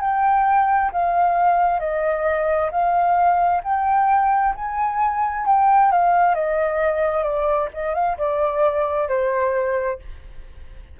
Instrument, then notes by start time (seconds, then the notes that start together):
flute
0.00 G5
0.92 F5
1.79 D#5
2.71 F5
3.63 G5
4.55 G#5
5.46 G5
5.91 F5
6.35 D#5
7.23 D5
7.74 D#5
7.94 F5
8.17 D5
9.08 C5